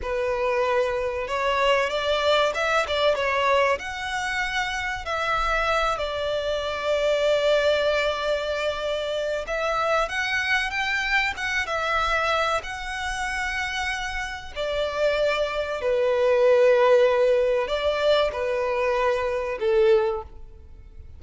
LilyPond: \new Staff \with { instrumentName = "violin" } { \time 4/4 \tempo 4 = 95 b'2 cis''4 d''4 | e''8 d''8 cis''4 fis''2 | e''4. d''2~ d''8~ | d''2. e''4 |
fis''4 g''4 fis''8 e''4. | fis''2. d''4~ | d''4 b'2. | d''4 b'2 a'4 | }